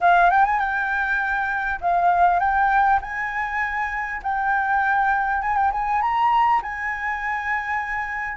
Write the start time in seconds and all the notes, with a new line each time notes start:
0.01 F5
0.30 G5
0.45 G#5
0.59 G5
1.81 F5
2.39 G5
3.01 G#5
4.22 G5
5.41 G#5
5.56 G5
5.72 G#5
6.01 A#5
6.62 G#5